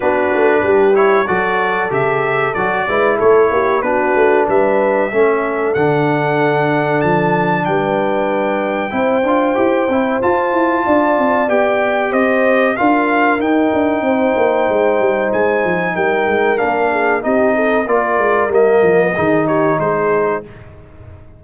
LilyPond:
<<
  \new Staff \with { instrumentName = "trumpet" } { \time 4/4 \tempo 4 = 94 b'4. cis''8 d''4 e''4 | d''4 cis''4 b'4 e''4~ | e''4 fis''2 a''4 | g''1 |
a''2 g''4 dis''4 | f''4 g''2. | gis''4 g''4 f''4 dis''4 | d''4 dis''4. cis''8 c''4 | }
  \new Staff \with { instrumentName = "horn" } { \time 4/4 fis'4 g'4 a'2~ | a'8 b'8 a'8 g'8 fis'4 b'4 | a'1 | b'2 c''2~ |
c''4 d''2 c''4 | ais'2 c''2~ | c''4 ais'4. gis'8 g'8 a'8 | ais'2 gis'8 g'8 gis'4 | }
  \new Staff \with { instrumentName = "trombone" } { \time 4/4 d'4. e'8 fis'4 g'4 | fis'8 e'4. d'2 | cis'4 d'2.~ | d'2 e'8 f'8 g'8 e'8 |
f'2 g'2 | f'4 dis'2.~ | dis'2 d'4 dis'4 | f'4 ais4 dis'2 | }
  \new Staff \with { instrumentName = "tuba" } { \time 4/4 b8 a8 g4 fis4 cis4 | fis8 gis8 a8 ais8 b8 a8 g4 | a4 d2 f4 | g2 c'8 d'8 e'8 c'8 |
f'8 e'8 d'8 c'8 b4 c'4 | d'4 dis'8 d'8 c'8 ais8 gis8 g8 | gis8 f8 g8 gis8 ais4 c'4 | ais8 gis8 g8 f8 dis4 gis4 | }
>>